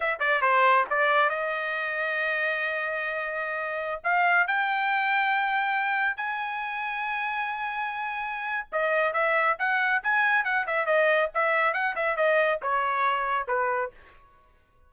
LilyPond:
\new Staff \with { instrumentName = "trumpet" } { \time 4/4 \tempo 4 = 138 e''8 d''8 c''4 d''4 dis''4~ | dis''1~ | dis''4~ dis''16 f''4 g''4.~ g''16~ | g''2~ g''16 gis''4.~ gis''16~ |
gis''1 | dis''4 e''4 fis''4 gis''4 | fis''8 e''8 dis''4 e''4 fis''8 e''8 | dis''4 cis''2 b'4 | }